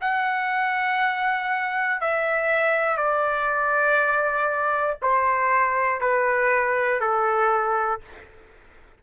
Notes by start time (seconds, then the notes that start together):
0.00 F#5
2.00 E5
2.97 D5
5.01 C5
6.00 B4
7.00 A4